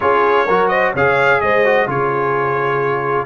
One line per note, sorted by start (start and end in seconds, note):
0.00 0.48 C#4
0.00 0.47 F4
0.00 0.45 G#4
0.00 0.68 C#5
0.45 0.94 F#3
0.45 0.96 F#4
0.45 0.68 A#4
0.68 0.92 C5
0.68 0.91 D#5
0.93 1.41 C#3
0.93 1.64 G#4
0.93 1.40 C#5
0.93 1.41 F5
1.41 1.87 G#3
1.41 1.87 C5
1.41 1.87 D#5
1.64 1.86 F#4
1.86 3.25 C#3
1.86 3.25 F4
1.86 3.25 G#4
1.86 3.25 C#5